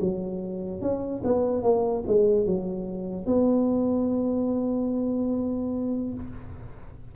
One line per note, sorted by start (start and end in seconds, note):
0.00 0.81 F#3
0.81 1.22 C#4
1.24 1.63 B3
1.63 2.04 A#3
2.07 2.45 G#3
2.45 3.26 F#3
3.26 6.14 B3